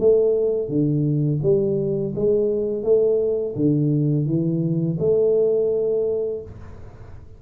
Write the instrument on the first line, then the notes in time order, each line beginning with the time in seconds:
tuba
0.00 A3
0.69 D3
1.43 G3
2.16 G#3
2.83 A3
3.56 D3
4.27 E3
4.99 A3